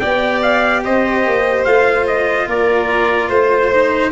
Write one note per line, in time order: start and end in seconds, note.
0.00 0.86 B3
0.00 1.67 G4
0.00 0.84 D5
0.00 0.41 G5
0.43 0.84 F5
0.85 1.27 C4
0.85 2.48 C5
0.85 1.65 D#5
1.27 1.66 A#3
1.65 2.47 A3
1.65 3.72 F4
1.65 2.06 F5
2.07 2.48 D#5
2.47 3.29 A#3
2.47 3.30 A#4
2.47 3.30 D5
3.30 4.12 A3
3.30 4.12 C5
3.73 4.12 D#4